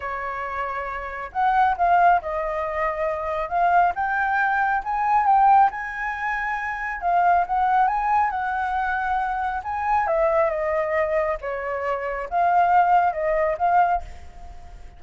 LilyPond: \new Staff \with { instrumentName = "flute" } { \time 4/4 \tempo 4 = 137 cis''2. fis''4 | f''4 dis''2. | f''4 g''2 gis''4 | g''4 gis''2. |
f''4 fis''4 gis''4 fis''4~ | fis''2 gis''4 e''4 | dis''2 cis''2 | f''2 dis''4 f''4 | }